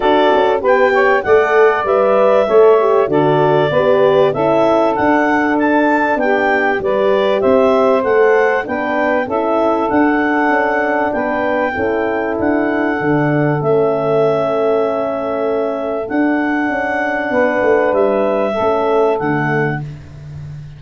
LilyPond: <<
  \new Staff \with { instrumentName = "clarinet" } { \time 4/4 \tempo 4 = 97 d''4 g''4 fis''4 e''4~ | e''4 d''2 e''4 | fis''4 a''4 g''4 d''4 | e''4 fis''4 g''4 e''4 |
fis''2 g''2 | fis''2 e''2~ | e''2 fis''2~ | fis''4 e''2 fis''4 | }
  \new Staff \with { instrumentName = "saxophone" } { \time 4/4 a'4 b'8 cis''8 d''2 | cis''4 a'4 b'4 a'4~ | a'2 g'4 b'4 | c''2 b'4 a'4~ |
a'2 b'4 a'4~ | a'1~ | a'1 | b'2 a'2 | }
  \new Staff \with { instrumentName = "horn" } { \time 4/4 fis'4 g'4 a'4 b'4 | a'8 g'8 fis'4 g'4 e'4 | d'2. g'4~ | g'4 a'4 d'4 e'4 |
d'2. e'4~ | e'4 d'4 cis'2~ | cis'2 d'2~ | d'2 cis'4 a4 | }
  \new Staff \with { instrumentName = "tuba" } { \time 4/4 d'8 cis'8 b4 a4 g4 | a4 d4 b4 cis'4 | d'2 b4 g4 | c'4 a4 b4 cis'4 |
d'4 cis'4 b4 cis'4 | d'4 d4 a2~ | a2 d'4 cis'4 | b8 a8 g4 a4 d4 | }
>>